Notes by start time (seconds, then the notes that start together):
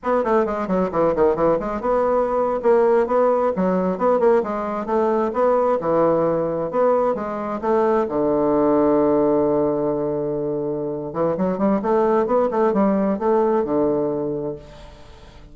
0.03 B3
0.24 A3
0.45 G#3
0.67 F#3
0.91 E3
1.15 D#3
1.35 E3
1.59 G#3
1.80 B3
2.62 A#3
3.06 B3
3.56 F#3
3.98 B3
4.19 A#3
4.43 G#3
4.86 A3
5.33 B3
5.80 E3
6.70 B3
7.15 G#3
7.61 A3
8.08 D3
11.13 E3
11.37 F#3
11.58 G3
11.82 A3
12.26 B3
12.50 A3
12.73 G3
13.18 A3
13.64 D3